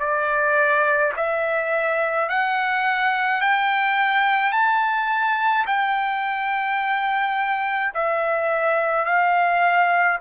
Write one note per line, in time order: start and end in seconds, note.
0.00 1.13 D5
1.17 2.29 E5
2.29 3.41 F#5
3.41 4.52 G5
4.52 5.66 A5
5.67 7.93 G5
7.94 9.06 E5
9.06 10.19 F5